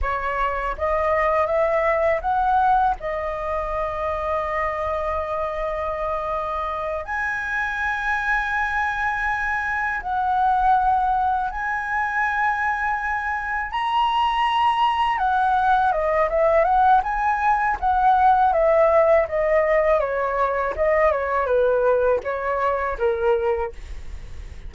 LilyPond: \new Staff \with { instrumentName = "flute" } { \time 4/4 \tempo 4 = 81 cis''4 dis''4 e''4 fis''4 | dis''1~ | dis''4. gis''2~ gis''8~ | gis''4. fis''2 gis''8~ |
gis''2~ gis''8 ais''4.~ | ais''8 fis''4 dis''8 e''8 fis''8 gis''4 | fis''4 e''4 dis''4 cis''4 | dis''8 cis''8 b'4 cis''4 ais'4 | }